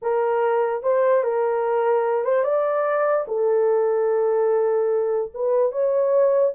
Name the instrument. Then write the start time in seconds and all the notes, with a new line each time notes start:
horn
0.01 A#4
0.82 C5
1.23 A#4
2.24 C5
2.44 D5
3.27 A4
5.34 B4
5.71 C#5